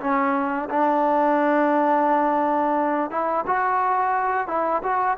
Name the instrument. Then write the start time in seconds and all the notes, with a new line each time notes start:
trombone
0.00 C#4
0.70 D4
3.11 E4
3.47 F#4
4.48 E4
4.83 F#4